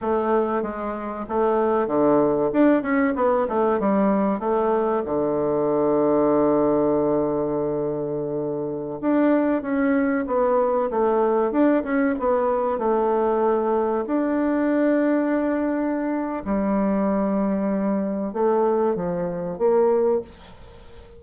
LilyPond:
\new Staff \with { instrumentName = "bassoon" } { \time 4/4 \tempo 4 = 95 a4 gis4 a4 d4 | d'8 cis'8 b8 a8 g4 a4 | d1~ | d2~ d16 d'4 cis'8.~ |
cis'16 b4 a4 d'8 cis'8 b8.~ | b16 a2 d'4.~ d'16~ | d'2 g2~ | g4 a4 f4 ais4 | }